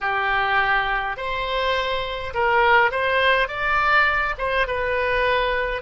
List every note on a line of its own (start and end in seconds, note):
0.00 1.17 G4
1.17 2.33 C5
2.34 2.91 A#4
2.91 3.47 C5
3.47 4.35 D5
4.38 4.67 C5
4.67 5.81 B4